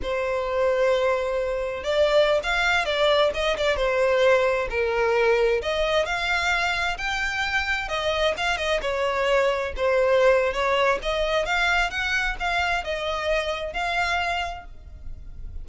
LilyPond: \new Staff \with { instrumentName = "violin" } { \time 4/4 \tempo 4 = 131 c''1 | d''4~ d''16 f''4 d''4 dis''8 d''16~ | d''16 c''2 ais'4.~ ais'16~ | ais'16 dis''4 f''2 g''8.~ |
g''4~ g''16 dis''4 f''8 dis''8 cis''8.~ | cis''4~ cis''16 c''4.~ c''16 cis''4 | dis''4 f''4 fis''4 f''4 | dis''2 f''2 | }